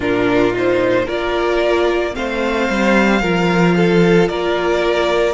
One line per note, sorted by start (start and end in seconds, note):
0.00 1.07 A#2
0.00 0.52 D4
0.00 1.05 F4
0.00 0.54 A#4
0.52 1.06 D#4
0.52 1.08 C5
1.05 2.15 A#3
1.05 2.12 F4
1.05 2.12 A#4
1.05 2.15 D5
2.12 2.69 A3
2.12 3.19 C4
2.12 3.21 C5
2.12 4.28 F5
2.69 3.21 G3
3.21 4.28 F3
3.21 5.33 F4
3.21 3.75 A#4
3.76 4.29 A4
4.28 5.33 A#3
4.28 5.33 A#4
4.28 5.33 D5